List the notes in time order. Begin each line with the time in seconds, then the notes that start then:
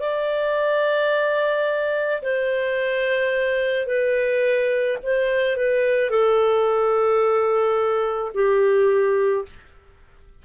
0.00 D5
2.23 C5
3.87 B4
5.04 C5
5.57 B4
6.11 A4
8.34 G4